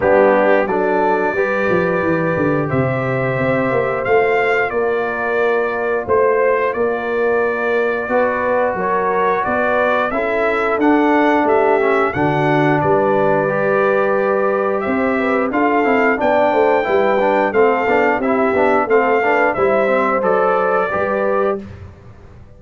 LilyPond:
<<
  \new Staff \with { instrumentName = "trumpet" } { \time 4/4 \tempo 4 = 89 g'4 d''2. | e''2 f''4 d''4~ | d''4 c''4 d''2~ | d''4 cis''4 d''4 e''4 |
fis''4 e''4 fis''4 d''4~ | d''2 e''4 f''4 | g''2 f''4 e''4 | f''4 e''4 d''2 | }
  \new Staff \with { instrumentName = "horn" } { \time 4/4 d'4 a'4 b'2 | c''2. ais'4~ | ais'4 c''4 ais'2 | b'4 ais'4 b'4 a'4~ |
a'4 g'4 fis'4 b'4~ | b'2 c''8 b'8 a'4 | d''8 c''8 b'4 a'4 g'4 | a'8 b'8 c''2 b'4 | }
  \new Staff \with { instrumentName = "trombone" } { \time 4/4 b4 d'4 g'2~ | g'2 f'2~ | f'1 | fis'2. e'4 |
d'4. cis'8 d'2 | g'2. f'8 e'8 | d'4 e'8 d'8 c'8 d'8 e'8 d'8 | c'8 d'8 e'8 c'8 a'4 g'4 | }
  \new Staff \with { instrumentName = "tuba" } { \time 4/4 g4 fis4 g8 f8 e8 d8 | c4 c'8 ais8 a4 ais4~ | ais4 a4 ais2 | b4 fis4 b4 cis'4 |
d'4 a4 d4 g4~ | g2 c'4 d'8 c'8 | b8 a8 g4 a8 b8 c'8 b8 | a4 g4 fis4 g4 | }
>>